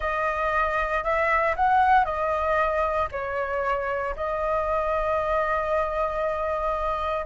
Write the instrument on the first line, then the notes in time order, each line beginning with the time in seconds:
flute
0.00 D#5
1.03 E5
1.55 F#5
2.05 D#5
3.11 C#5
4.15 D#5